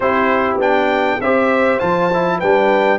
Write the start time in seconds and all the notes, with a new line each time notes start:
0.00 C4 E4 G4 C5
0.57 B3 D4 G5
1.20 C4 G4 C5 E5
1.79 F3 F4 A5
2.13 E4
2.38 G3 D4 B4 G5